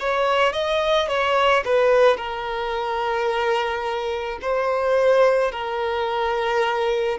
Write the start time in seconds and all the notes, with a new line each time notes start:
0.00 C#5
0.53 D#5
1.09 C#5
1.65 B4
2.17 A#4
4.42 C5
5.52 A#4